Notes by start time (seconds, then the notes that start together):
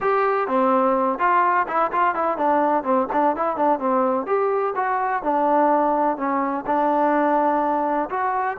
0.00 G4
0.47 C4
1.19 F4
1.67 E4
1.92 F4
2.15 E4
2.37 D4
2.83 C4
3.12 D4
3.36 E4
3.56 D4
3.79 C4
4.26 G4
4.75 F#4
5.23 D4
6.17 C#4
6.66 D4
8.09 F#4